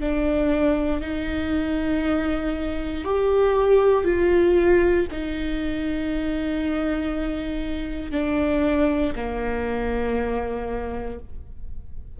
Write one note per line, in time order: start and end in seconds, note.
0.00 1.01 D4
1.01 3.04 D#4
3.04 4.04 G4
4.04 5.06 F4
5.11 8.11 D#4
8.11 9.13 D4
9.16 11.19 A#3